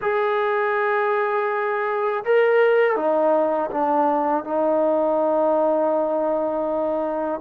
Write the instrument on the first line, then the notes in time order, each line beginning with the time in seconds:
trombone
0.01 G#4
2.24 A#4
2.96 D#4
3.70 D4
4.44 D#4